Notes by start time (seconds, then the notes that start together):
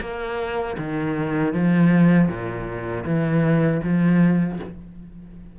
0.00 A#3
0.78 D#3
1.53 F3
2.28 A#2
3.04 E3
3.83 F3